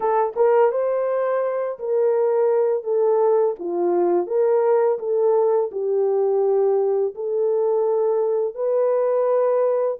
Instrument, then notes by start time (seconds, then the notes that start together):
horn
0.00 A4
0.36 A#4
0.71 C5
1.79 A#4
2.83 A4
3.59 F4
4.27 A#4
4.98 A4
5.71 G4
7.14 A4
8.55 B4